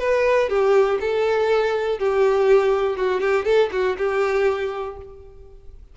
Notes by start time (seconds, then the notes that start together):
0.00 B4
0.50 G4
1.01 A4
1.99 G4
2.97 F#4
3.21 G4
3.46 A4
3.72 F#4
3.98 G4